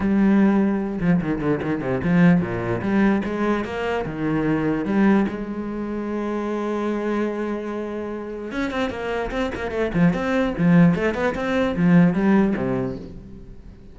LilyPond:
\new Staff \with { instrumentName = "cello" } { \time 4/4 \tempo 4 = 148 g2~ g8 f8 dis8 d8 | dis8 c8 f4 ais,4 g4 | gis4 ais4 dis2 | g4 gis2.~ |
gis1~ | gis4 cis'8 c'8 ais4 c'8 ais8 | a8 f8 c'4 f4 a8 b8 | c'4 f4 g4 c4 | }